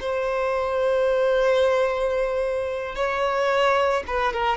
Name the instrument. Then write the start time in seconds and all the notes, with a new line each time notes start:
violin
0.00 C5
2.95 C#5
4.07 B4
4.33 A#4